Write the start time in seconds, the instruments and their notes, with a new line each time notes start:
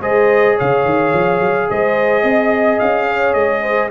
0.00 tuba G#3, trombone G#4, horn C5, trumpet D#5
0.55 tuba C#3, horn C#5, trumpet F5
0.84 tuba D#3
1.13 tuba F3
1.40 tuba F#3
1.69 tuba G#3, horn C5, trumpet D#5
2.22 tuba C4, horn D#5
2.79 tuba C#4, trumpet F5
3.07 horn C#5
3.33 tuba G#3, trumpet D#5
3.61 horn C5